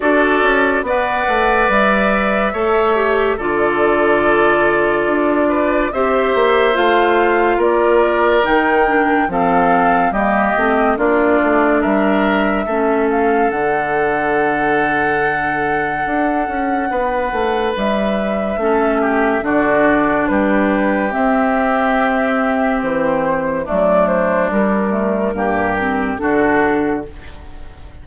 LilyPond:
<<
  \new Staff \with { instrumentName = "flute" } { \time 4/4 \tempo 4 = 71 d''4 fis''4 e''2 | d''2. e''4 | f''4 d''4 g''4 f''4 | dis''4 d''4 e''4. f''8 |
fis''1~ | fis''4 e''2 d''4 | b'4 e''2 c''4 | d''8 c''8 ais'2 a'4 | }
  \new Staff \with { instrumentName = "oboe" } { \time 4/4 a'4 d''2 cis''4 | a'2~ a'8 b'8 c''4~ | c''4 ais'2 a'4 | g'4 f'4 ais'4 a'4~ |
a'1 | b'2 a'8 g'8 fis'4 | g'1 | d'2 g'4 fis'4 | }
  \new Staff \with { instrumentName = "clarinet" } { \time 4/4 fis'4 b'2 a'8 g'8 | f'2. g'4 | f'2 dis'8 d'8 c'4 | ais8 c'8 d'2 cis'4 |
d'1~ | d'2 cis'4 d'4~ | d'4 c'2. | a4 g8 a8 ais8 c'8 d'4 | }
  \new Staff \with { instrumentName = "bassoon" } { \time 4/4 d'8 cis'8 b8 a8 g4 a4 | d2 d'4 c'8 ais8 | a4 ais4 dis4 f4 | g8 a8 ais8 a8 g4 a4 |
d2. d'8 cis'8 | b8 a8 g4 a4 d4 | g4 c'2 e4 | fis4 g4 g,4 d4 | }
>>